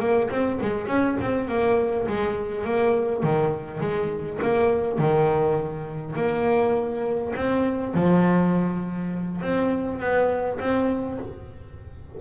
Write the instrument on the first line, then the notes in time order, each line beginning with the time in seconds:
double bass
0.00 A#3
0.30 C4
0.61 G#3
0.87 C#4
1.21 C4
1.48 A#3
2.07 G#3
2.65 A#3
3.23 D#3
3.81 G#3
4.42 A#3
4.98 D#3
6.16 A#3
7.36 C4
7.94 F3
9.42 C4
10.00 B3
10.60 C4